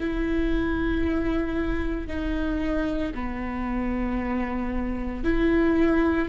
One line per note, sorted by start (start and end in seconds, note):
0.00 2.08 E4
2.08 3.13 D#4
3.14 5.24 B3
5.24 6.29 E4